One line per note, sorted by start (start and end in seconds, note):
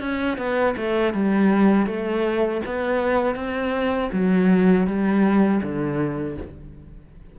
0.00 0.37 C#4
0.37 0.75 B3
0.77 1.13 A3
1.13 1.86 G3
1.86 2.61 A3
2.66 3.35 B3
3.35 4.10 C4
4.12 4.86 F#3
4.86 5.61 G3
5.62 6.38 D3